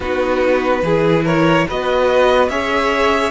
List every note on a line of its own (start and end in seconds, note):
0.00 0.82 B3
0.00 0.85 D#4
0.00 0.81 F#4
0.00 1.26 B4
0.82 1.65 E3
0.82 1.69 E4
0.82 1.24 G#4
1.24 1.66 A#4
1.24 1.67 C#5
1.67 2.48 B3
1.67 2.49 F#4
1.67 2.50 B4
1.67 2.49 D#5
2.48 3.31 C#4
2.48 3.31 G#4
2.48 3.31 C#5
2.48 3.31 E5